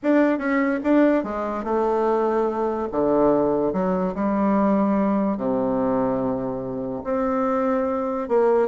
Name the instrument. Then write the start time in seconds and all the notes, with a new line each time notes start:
bassoon
0.03 D4
0.38 C#4
0.83 D4
1.23 G#3
1.64 A3
2.91 D3
3.72 F#3
4.14 G3
5.37 C3
7.04 C4
8.28 A#3